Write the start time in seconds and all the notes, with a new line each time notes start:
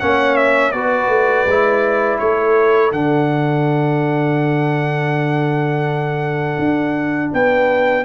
0.00 A#3 C#4 C#5 F#5
0.37 E5
0.72 B3 F#4 B4 D5
1.08 A3
1.46 G#3 E4
2.19 A3 A4 C#5
2.92 D3 D4 F#5
6.59 D4
7.33 B3 B4 G5